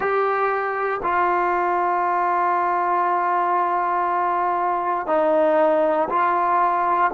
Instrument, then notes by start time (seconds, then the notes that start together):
trombone
0.00 G4
1.02 F4
5.06 D#4
6.09 F4